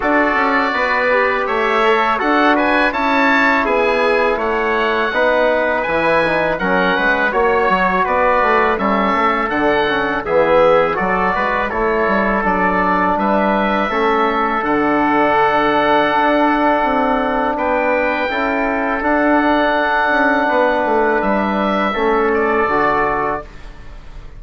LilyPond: <<
  \new Staff \with { instrumentName = "oboe" } { \time 4/4 \tempo 4 = 82 d''2 e''4 fis''8 gis''8 | a''4 gis''4 fis''2 | gis''4 fis''4 cis''4 d''4 | e''4 fis''4 e''4 d''4 |
cis''4 d''4 e''2 | fis''1 | g''2 fis''2~ | fis''4 e''4. d''4. | }
  \new Staff \with { instrumentName = "trumpet" } { \time 4/4 a'4 b'4 cis''4 a'8 b'8 | cis''4 gis'4 cis''4 b'4~ | b'4 ais'8 b'8 cis''4 b'4 | a'2 gis'4 a'8 b'8 |
a'2 b'4 a'4~ | a'1 | b'4 a'2. | b'2 a'2 | }
  \new Staff \with { instrumentName = "trombone" } { \time 4/4 fis'4. g'4 a'8 fis'4 | e'2. dis'4 | e'8 dis'8 cis'4 fis'2 | cis'4 d'8 cis'8 b4 fis'4 |
e'4 d'2 cis'4 | d'1~ | d'4 e'4 d'2~ | d'2 cis'4 fis'4 | }
  \new Staff \with { instrumentName = "bassoon" } { \time 4/4 d'8 cis'8 b4 a4 d'4 | cis'4 b4 a4 b4 | e4 fis8 gis8 ais8 fis8 b8 a8 | g8 a8 d4 e4 fis8 gis8 |
a8 g8 fis4 g4 a4 | d2 d'4 c'4 | b4 cis'4 d'4. cis'8 | b8 a8 g4 a4 d4 | }
>>